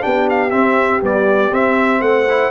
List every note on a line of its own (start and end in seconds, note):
0.00 0.52 B3
0.00 0.50 D4
0.00 2.03 G4
0.00 0.28 G5
0.29 0.50 F5
0.50 1.01 C4
0.50 1.02 C4
0.50 1.00 E5
1.01 1.51 G3
1.01 1.51 B3
1.01 1.54 D5
1.51 2.00 C4
1.51 2.27 C4
1.51 2.01 E5
2.00 2.50 A3
2.00 2.51 C5
2.00 2.51 F#5
2.28 2.51 E4